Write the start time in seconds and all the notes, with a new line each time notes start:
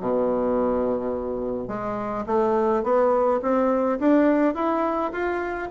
0.00 B2
1.68 G#3
2.26 A3
2.83 B3
3.42 C4
3.99 D4
4.54 E4
5.12 F4